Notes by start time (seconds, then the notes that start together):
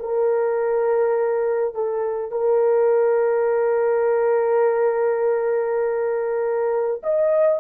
0.00 A#4
1.75 A4
2.32 A#4
7.03 D#5